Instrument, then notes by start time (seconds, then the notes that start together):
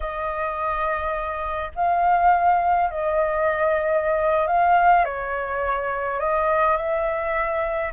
flute
0.00 D#5
1.75 F5
2.90 D#5
4.47 F5
5.05 C#5
6.19 D#5
6.76 E5